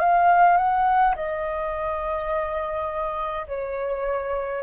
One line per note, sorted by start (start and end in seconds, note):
0.00 0.58 F5
0.58 1.15 F#5
1.16 3.47 D#5
3.48 4.63 C#5